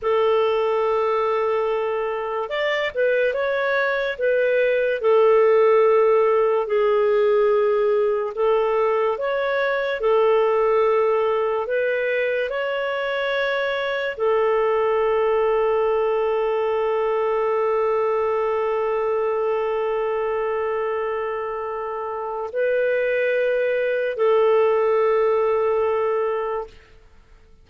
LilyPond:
\new Staff \with { instrumentName = "clarinet" } { \time 4/4 \tempo 4 = 72 a'2. d''8 b'8 | cis''4 b'4 a'2 | gis'2 a'4 cis''4 | a'2 b'4 cis''4~ |
cis''4 a'2.~ | a'1~ | a'2. b'4~ | b'4 a'2. | }